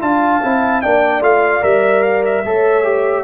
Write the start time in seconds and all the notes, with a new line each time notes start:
0.00 D4 F4 F5 A5
0.42 C4 E4
0.81 A#3 D4 D5 G5
1.20 A3 F4 F5
1.61 G3 A#4 E5
2.03 F5
2.25 E5
2.44 A3 A4 C#5
2.83 G4